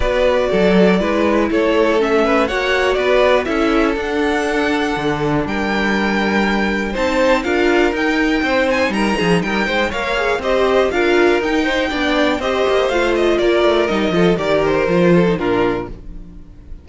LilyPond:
<<
  \new Staff \with { instrumentName = "violin" } { \time 4/4 \tempo 4 = 121 d''2. cis''4 | e''4 fis''4 d''4 e''4 | fis''2. g''4~ | g''2 a''4 f''4 |
g''4. gis''8 ais''4 g''4 | f''4 dis''4 f''4 g''4~ | g''4 dis''4 f''8 dis''8 d''4 | dis''4 d''8 c''4. ais'4 | }
  \new Staff \with { instrumentName = "violin" } { \time 4/4 b'4 a'4 b'4 a'4~ | a'8 b'8 cis''4 b'4 a'4~ | a'2. ais'4~ | ais'2 c''4 ais'4~ |
ais'4 c''4 ais'8 gis'8 ais'8 c''8 | cis''4 c''4 ais'4. c''8 | d''4 c''2 ais'4~ | ais'8 a'8 ais'4. a'8 f'4 | }
  \new Staff \with { instrumentName = "viola" } { \time 4/4 fis'2 e'2 | cis'4 fis'2 e'4 | d'1~ | d'2 dis'4 f'4 |
dis'1 | ais'8 gis'8 g'4 f'4 dis'4 | d'4 g'4 f'2 | dis'8 f'8 g'4 f'8. dis'16 d'4 | }
  \new Staff \with { instrumentName = "cello" } { \time 4/4 b4 fis4 gis4 a4~ | a4 ais4 b4 cis'4 | d'2 d4 g4~ | g2 c'4 d'4 |
dis'4 c'4 g8 f8 g8 gis8 | ais4 c'4 d'4 dis'4 | b4 c'8 ais8 a4 ais8 a8 | g8 f8 dis4 f4 ais,4 | }
>>